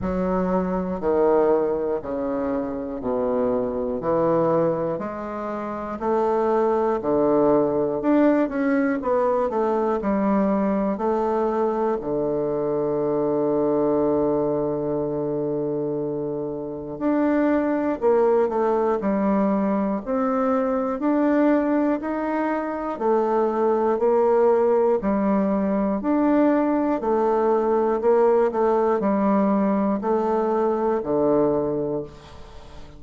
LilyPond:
\new Staff \with { instrumentName = "bassoon" } { \time 4/4 \tempo 4 = 60 fis4 dis4 cis4 b,4 | e4 gis4 a4 d4 | d'8 cis'8 b8 a8 g4 a4 | d1~ |
d4 d'4 ais8 a8 g4 | c'4 d'4 dis'4 a4 | ais4 g4 d'4 a4 | ais8 a8 g4 a4 d4 | }